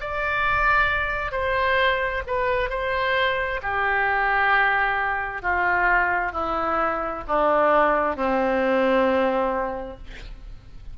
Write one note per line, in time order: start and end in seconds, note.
0.00 1.31 D5
1.31 2.22 C5
2.26 2.69 B4
2.69 3.60 C5
3.62 5.42 G4
5.42 6.32 F4
6.32 7.23 E4
7.27 8.15 D4
8.15 9.97 C4